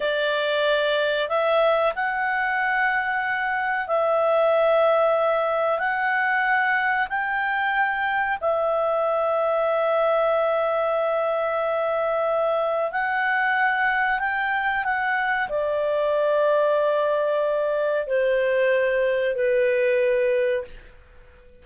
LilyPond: \new Staff \with { instrumentName = "clarinet" } { \time 4/4 \tempo 4 = 93 d''2 e''4 fis''4~ | fis''2 e''2~ | e''4 fis''2 g''4~ | g''4 e''2.~ |
e''1 | fis''2 g''4 fis''4 | d''1 | c''2 b'2 | }